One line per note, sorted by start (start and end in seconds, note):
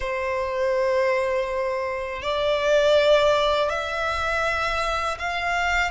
0.00 2.22 C5
2.22 3.69 D5
3.69 5.18 E5
5.19 5.91 F5